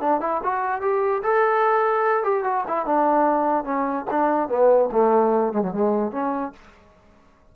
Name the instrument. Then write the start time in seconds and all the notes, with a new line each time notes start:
trombone
0.00 D4
0.21 E4
0.43 F#4
0.81 G4
1.23 A4
2.23 G4
2.44 F#4
2.68 E4
2.86 D4
3.64 C#4
4.10 D4
4.49 B3
4.92 A3
5.53 G#3
5.62 F#3
5.72 G#3
6.12 C#4